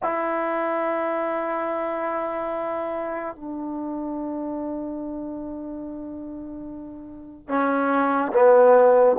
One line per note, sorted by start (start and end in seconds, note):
0.02 3.35 E4
3.35 7.48 D4
7.48 8.31 C#4
8.32 9.16 B3